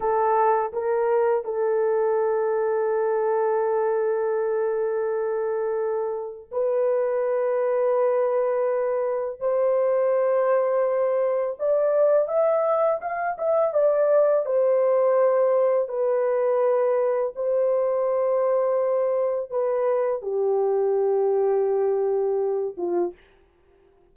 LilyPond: \new Staff \with { instrumentName = "horn" } { \time 4/4 \tempo 4 = 83 a'4 ais'4 a'2~ | a'1~ | a'4 b'2.~ | b'4 c''2. |
d''4 e''4 f''8 e''8 d''4 | c''2 b'2 | c''2. b'4 | g'2.~ g'8 f'8 | }